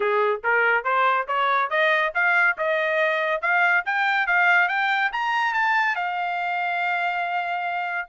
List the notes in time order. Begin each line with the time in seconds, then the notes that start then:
0.00 G#4
0.43 A#4
0.84 C5
1.27 C#5
1.69 D#5
2.14 F5
2.57 D#5
3.41 F5
3.85 G5
4.26 F5
4.68 G5
5.12 A#5
5.53 A5
5.95 F5